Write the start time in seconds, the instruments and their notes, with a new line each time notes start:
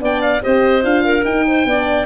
0.00 tuba B3, horn D4, clarinet D5, oboe G5
0.22 oboe F5
0.42 tuba C4, horn G4, clarinet C5, oboe D#5
0.82 tuba D4, horn F4, oboe F5
1.05 clarinet A#4
1.25 tuba D#4, horn D#4, oboe G5
1.47 clarinet C5
1.65 tuba B3, horn D4, clarinet D5